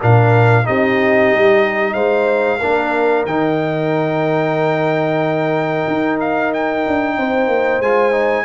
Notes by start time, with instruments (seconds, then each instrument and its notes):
0.00 tuba A#2, trombone D4, horn A#4, trumpet F5
0.64 tuba C4, trombone D#4, horn G4, trumpet D#5
1.33 tuba G3
1.94 tuba G#3, horn C5, trumpet F5
2.59 tuba A#3, trombone D4, horn A#4
3.26 tuba D#3, trombone D#4, trumpet G5
5.88 tuba D#4
6.21 trumpet F5
6.54 trumpet G5
6.88 tuba D4
7.18 tuba C4, horn C5
7.48 tuba A#3
7.80 tuba G#3, trombone F4, trumpet G#5
8.12 trombone D#4